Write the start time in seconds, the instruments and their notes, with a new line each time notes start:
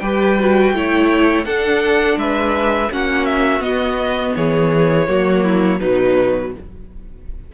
0.00 cello G3, viola G4, violin B4 G5
0.40 viola F#4
0.74 cello A3, viola E4, violin C#5
1.45 viola D4, cello D4, violin A4 F#5
2.17 cello G#3, violin B4 E5
2.92 cello A#3, viola C#4, violin F#4 F#5
3.26 violin E5
3.60 cello B3, viola B3, violin D#5
4.36 cello E3, violin G#4 C#5
5.08 cello F#3, viola A#3, violin F#4
5.44 violin E4
5.80 cello B2, viola F#3, violin D#4 B4